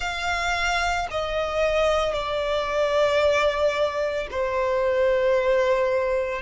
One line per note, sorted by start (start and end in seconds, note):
0.00 1.07 F5
1.11 2.13 D#5
2.13 4.27 D5
4.31 6.41 C5